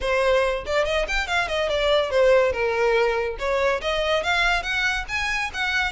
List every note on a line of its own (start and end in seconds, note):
0.01 0.64 C5
0.65 0.85 D5
0.85 1.06 D#5
1.08 1.27 G5
1.27 1.48 F5
1.48 1.69 D#5
1.69 2.10 D5
2.10 2.52 C5
2.52 3.36 A#4
3.38 3.80 C#5
3.81 4.23 D#5
4.23 4.62 F5
4.62 5.05 F#5
5.08 5.50 G#5
5.53 5.92 F#5